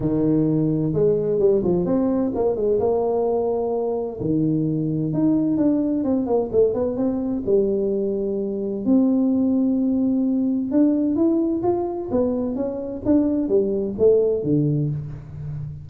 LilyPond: \new Staff \with { instrumentName = "tuba" } { \time 4/4 \tempo 4 = 129 dis2 gis4 g8 f8 | c'4 ais8 gis8 ais2~ | ais4 dis2 dis'4 | d'4 c'8 ais8 a8 b8 c'4 |
g2. c'4~ | c'2. d'4 | e'4 f'4 b4 cis'4 | d'4 g4 a4 d4 | }